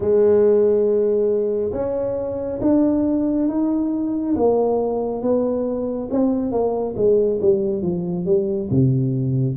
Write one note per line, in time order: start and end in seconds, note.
0.00 1.72 G#3
1.72 2.59 C#4
2.61 3.48 D4
3.48 4.35 D#4
4.35 5.22 A#3
5.22 6.09 B3
6.11 6.51 C4
6.51 6.94 A#3
6.96 7.40 G#3
7.41 7.82 G3
7.82 8.25 F3
8.25 8.69 G3
8.70 9.57 C3